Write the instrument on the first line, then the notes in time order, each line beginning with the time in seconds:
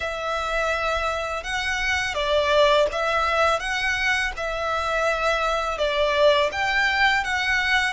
violin
0.00 E5
1.43 F#5
2.14 D5
2.91 E5
3.59 F#5
4.36 E5
5.78 D5
6.52 G5
7.24 F#5